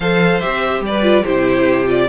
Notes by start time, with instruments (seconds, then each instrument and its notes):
0.00 cello F3, viola A4, violin C5 F5
0.40 cello C4, viola G4, violin E5
0.81 cello G3, violin D5
0.88 violin B4
1.02 viola F4
1.23 cello C3, viola E4, violin G4 C5
1.86 viola F4, violin D5